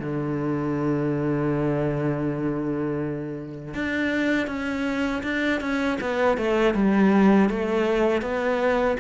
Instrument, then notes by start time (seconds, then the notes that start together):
cello
0.00 D3
3.75 D4
4.47 C#4
5.23 D4
5.61 C#4
6.01 B3
6.38 A3
6.75 G3
7.50 A3
8.22 B3